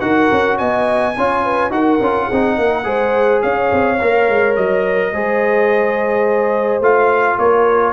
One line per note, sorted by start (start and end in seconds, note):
0.00 0.30 D#4
0.00 1.14 F#4
0.00 0.58 A#4
0.00 0.57 F#5
0.32 0.60 C#4
0.58 1.17 B3
0.58 1.15 D#5
0.58 1.71 G#5
1.17 1.71 C#4
1.17 1.70 F4
1.17 1.43 C#5
1.43 1.72 B4
1.70 1.99 D#4
1.70 1.99 F#4
1.70 2.27 A#4
1.70 3.42 F#5
2.01 2.29 C#4
2.01 2.31 F4
2.27 2.58 C4
2.27 2.55 G#4
2.33 2.84 D#4
2.58 2.85 A#3
2.58 2.86 A#4
2.84 3.42 G#3
2.84 3.97 G#4
2.84 3.42 C5
3.42 3.71 C#4
3.42 5.12 C#5
3.42 4.55 F5
3.72 4.00 C4
4.01 4.29 A#3
4.01 5.14 A#4
4.29 4.57 G#3
4.56 5.12 F#3
4.56 6.83 D#5
5.12 6.81 G#3
5.12 6.82 G#4
5.12 7.39 C5
6.81 7.37 A3
6.81 7.93 F4
6.81 7.39 F5
7.38 7.93 A#3
7.38 7.93 A#4
7.38 7.93 C#5